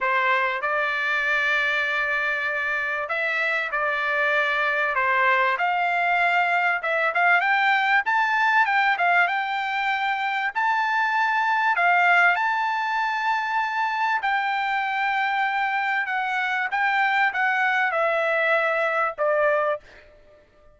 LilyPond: \new Staff \with { instrumentName = "trumpet" } { \time 4/4 \tempo 4 = 97 c''4 d''2.~ | d''4 e''4 d''2 | c''4 f''2 e''8 f''8 | g''4 a''4 g''8 f''8 g''4~ |
g''4 a''2 f''4 | a''2. g''4~ | g''2 fis''4 g''4 | fis''4 e''2 d''4 | }